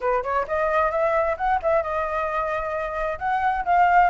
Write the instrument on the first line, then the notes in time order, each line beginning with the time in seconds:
flute
0.01 B4
0.23 C#5
0.47 D#5
0.91 E5
1.37 F#5
1.62 E5
1.83 D#5
3.19 F#5
3.64 F5